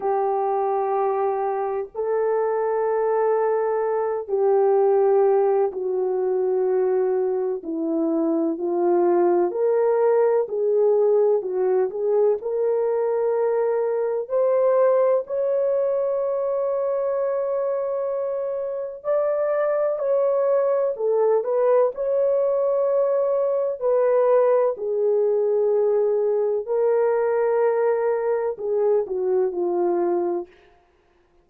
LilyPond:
\new Staff \with { instrumentName = "horn" } { \time 4/4 \tempo 4 = 63 g'2 a'2~ | a'8 g'4. fis'2 | e'4 f'4 ais'4 gis'4 | fis'8 gis'8 ais'2 c''4 |
cis''1 | d''4 cis''4 a'8 b'8 cis''4~ | cis''4 b'4 gis'2 | ais'2 gis'8 fis'8 f'4 | }